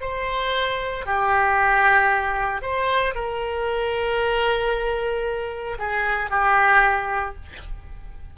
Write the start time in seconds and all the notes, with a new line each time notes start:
0.00 C5
1.05 G4
2.61 C5
3.14 A#4
5.78 G#4
6.30 G4